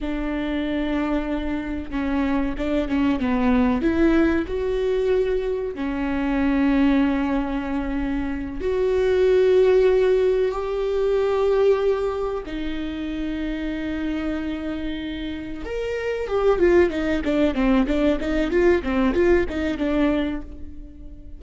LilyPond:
\new Staff \with { instrumentName = "viola" } { \time 4/4 \tempo 4 = 94 d'2. cis'4 | d'8 cis'8 b4 e'4 fis'4~ | fis'4 cis'2.~ | cis'4. fis'2~ fis'8~ |
fis'8 g'2. dis'8~ | dis'1~ | dis'8 ais'4 g'8 f'8 dis'8 d'8 c'8 | d'8 dis'8 f'8 c'8 f'8 dis'8 d'4 | }